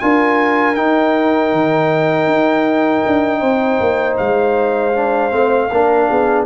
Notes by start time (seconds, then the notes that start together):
0.00 D4 F4 A#4 G#5
0.75 D#4 G5
1.52 D#3
2.27 D#4
3.07 D4
3.40 C4 C5
3.80 A#3
4.18 G#3 F5
4.94 D4
5.31 A3 C4
5.71 A#3 D4 A#4
6.10 B3 G#4